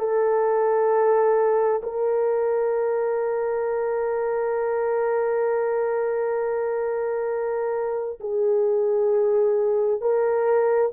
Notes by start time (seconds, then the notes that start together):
0.00 A4
1.83 A#4
8.21 G#4
10.01 A#4